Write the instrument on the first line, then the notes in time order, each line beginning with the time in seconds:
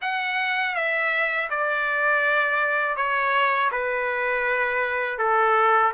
trumpet
0.01 F#5
0.75 E5
1.50 D5
2.96 C#5
3.71 B4
5.18 A4